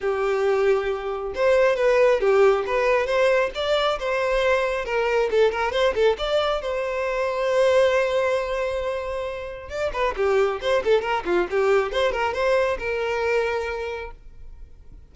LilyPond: \new Staff \with { instrumentName = "violin" } { \time 4/4 \tempo 4 = 136 g'2. c''4 | b'4 g'4 b'4 c''4 | d''4 c''2 ais'4 | a'8 ais'8 c''8 a'8 d''4 c''4~ |
c''1~ | c''2 d''8 b'8 g'4 | c''8 a'8 ais'8 f'8 g'4 c''8 ais'8 | c''4 ais'2. | }